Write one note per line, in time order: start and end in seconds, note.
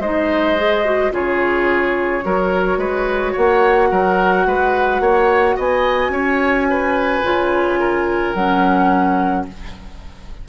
0.00 1.11 G#3
0.00 0.57 D#4
0.00 1.12 C5
0.00 1.13 D#5
0.57 0.85 G#4
0.85 1.12 F#4
1.12 2.23 C#3
1.12 2.22 F4
1.12 2.25 G#4
1.12 3.36 C#5
2.22 2.78 F#3
2.22 7.22 F#4
2.22 2.79 A#4
2.78 3.33 G#3
2.78 3.33 B4
3.33 3.91 A#3
3.33 3.88 C#5
3.33 5.58 F#5
3.91 4.46 F#3
3.91 4.47 A#4
4.46 5.00 G#3
4.46 5.02 B4
5.00 5.56 A#3
5.00 5.56 C#5
5.56 6.09 B3
5.56 6.12 D#5
5.56 8.34 G#5
6.09 7.20 C#4
6.09 6.68 C#5
6.70 7.80 B4
7.24 8.35 C#3
7.24 8.35 F4
7.80 9.47 A#4
8.34 9.46 F#3
8.34 9.49 C#4
8.34 9.45 F#5